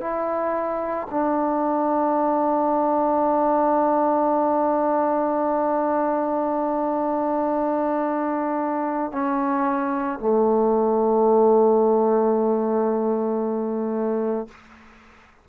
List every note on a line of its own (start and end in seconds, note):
0.00 1.07 E4
1.10 9.12 D4
9.12 10.19 C#4
10.19 14.48 A3